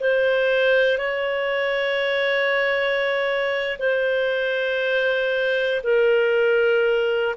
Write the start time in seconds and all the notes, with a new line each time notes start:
0.00 C5
0.98 C#5
3.79 C5
5.83 A#4